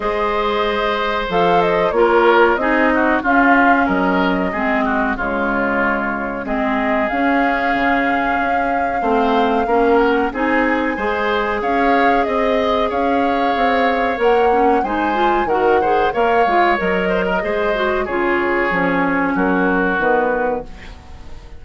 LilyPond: <<
  \new Staff \with { instrumentName = "flute" } { \time 4/4 \tempo 4 = 93 dis''2 f''8 dis''8 cis''4 | dis''4 f''4 dis''2 | cis''2 dis''4 f''4~ | f''2.~ f''8 fis''8 |
gis''2 f''4 dis''4 | f''2 fis''4 gis''4 | fis''4 f''4 dis''2 | cis''2 ais'4 b'4 | }
  \new Staff \with { instrumentName = "oboe" } { \time 4/4 c''2. ais'4 | gis'8 fis'8 f'4 ais'4 gis'8 fis'8 | f'2 gis'2~ | gis'2 c''4 ais'4 |
gis'4 c''4 cis''4 dis''4 | cis''2. c''4 | ais'8 c''8 cis''4. c''16 ais'16 c''4 | gis'2 fis'2 | }
  \new Staff \with { instrumentName = "clarinet" } { \time 4/4 gis'2 a'4 f'4 | dis'4 cis'2 c'4 | gis2 c'4 cis'4~ | cis'2 c'4 cis'4 |
dis'4 gis'2.~ | gis'2 ais'8 cis'8 dis'8 f'8 | fis'8 gis'8 ais'8 f'8 ais'4 gis'8 fis'8 | f'4 cis'2 b4 | }
  \new Staff \with { instrumentName = "bassoon" } { \time 4/4 gis2 f4 ais4 | c'4 cis'4 fis4 gis4 | cis2 gis4 cis'4 | cis4 cis'4 a4 ais4 |
c'4 gis4 cis'4 c'4 | cis'4 c'4 ais4 gis4 | dis4 ais8 gis8 fis4 gis4 | cis4 f4 fis4 dis4 | }
>>